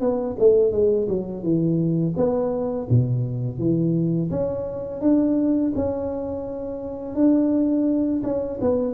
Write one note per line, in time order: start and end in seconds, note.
0.00 0.36 B3
0.39 0.71 A3
0.71 1.07 G#3
1.08 1.43 F#3
1.43 2.14 E3
2.16 2.88 B3
2.89 3.58 B2
3.58 4.30 E3
4.30 5.01 C#4
5.01 5.72 D4
5.75 7.15 C#4
7.15 8.22 D4
8.23 8.59 C#4
8.61 8.94 B3